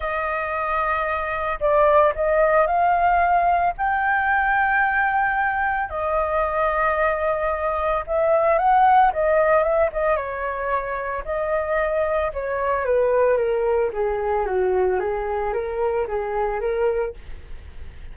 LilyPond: \new Staff \with { instrumentName = "flute" } { \time 4/4 \tempo 4 = 112 dis''2. d''4 | dis''4 f''2 g''4~ | g''2. dis''4~ | dis''2. e''4 |
fis''4 dis''4 e''8 dis''8 cis''4~ | cis''4 dis''2 cis''4 | b'4 ais'4 gis'4 fis'4 | gis'4 ais'4 gis'4 ais'4 | }